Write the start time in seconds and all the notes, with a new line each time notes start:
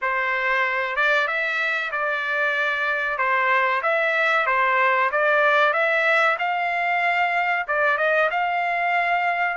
0.01 C5
0.96 D5
1.27 E5
1.91 D5
3.17 C5
3.82 E5
4.46 C5
5.11 D5
5.73 E5
6.38 F5
7.67 D5
7.97 D#5
8.30 F5